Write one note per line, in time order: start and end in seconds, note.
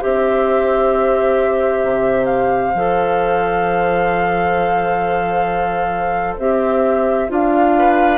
0.00 1.83 C4
0.00 2.73 G4
0.00 7.74 C5
0.00 2.25 E5
1.83 2.74 C3
2.25 6.34 F5
2.74 6.37 F3
2.74 6.40 A4
6.38 7.29 C4
6.38 7.29 G4
6.38 7.30 E5
7.29 8.18 D4
7.29 8.18 F4
7.29 8.18 F5
7.78 8.18 B4